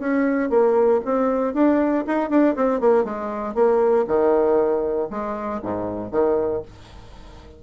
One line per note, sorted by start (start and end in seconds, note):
0.00 0.50 C#4
0.50 1.01 A#3
1.05 1.54 C4
1.54 2.05 D4
2.07 2.30 D#4
2.30 2.56 D4
2.56 2.81 C4
2.81 3.05 A#3
3.05 3.55 G#3
3.55 4.06 A#3
4.08 5.09 D#3
5.10 5.61 G#3
5.63 6.12 G#2
6.12 6.63 D#3